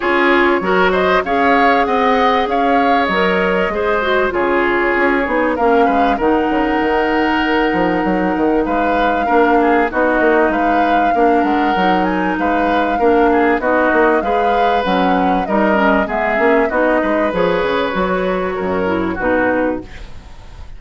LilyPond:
<<
  \new Staff \with { instrumentName = "flute" } { \time 4/4 \tempo 4 = 97 cis''4. dis''8 f''4 fis''4 | f''4 dis''2 cis''4~ | cis''4 f''4 fis''2~ | fis''2 f''2 |
dis''4 f''4. fis''4 gis''8 | f''2 dis''4 f''4 | fis''4 dis''4 e''4 dis''4 | cis''2. b'4 | }
  \new Staff \with { instrumentName = "oboe" } { \time 4/4 gis'4 ais'8 c''8 cis''4 dis''4 | cis''2 c''4 gis'4~ | gis'4 ais'8 b'8 ais'2~ | ais'2 b'4 ais'8 gis'8 |
fis'4 b'4 ais'2 | b'4 ais'8 gis'8 fis'4 b'4~ | b'4 ais'4 gis'4 fis'8 b'8~ | b'2 ais'4 fis'4 | }
  \new Staff \with { instrumentName = "clarinet" } { \time 4/4 f'4 fis'4 gis'2~ | gis'4 ais'4 gis'8 fis'8 f'4~ | f'8 dis'8 cis'4 dis'2~ | dis'2. d'4 |
dis'2 d'4 dis'4~ | dis'4 d'4 dis'4 gis'4 | cis'4 dis'8 cis'8 b8 cis'8 dis'4 | gis'4 fis'4. e'8 dis'4 | }
  \new Staff \with { instrumentName = "bassoon" } { \time 4/4 cis'4 fis4 cis'4 c'4 | cis'4 fis4 gis4 cis4 | cis'8 b8 ais8 gis8 dis8 cis8 dis4~ | dis8 f8 fis8 dis8 gis4 ais4 |
b8 ais8 gis4 ais8 gis8 fis4 | gis4 ais4 b8 ais8 gis4 | fis4 g4 gis8 ais8 b8 gis8 | f8 cis8 fis4 fis,4 b,4 | }
>>